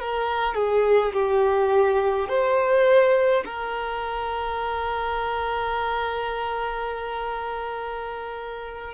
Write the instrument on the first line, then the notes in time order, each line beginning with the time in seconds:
violin
0.00 A#4
0.55 G#4
1.13 G4
2.29 C5
3.46 A#4